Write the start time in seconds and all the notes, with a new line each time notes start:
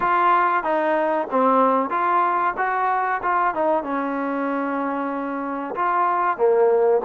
0.00 F4
0.63 D#4
1.30 C4
1.90 F4
2.57 F#4
3.22 F4
3.54 D#4
3.83 C#4
5.75 F4
6.37 A#3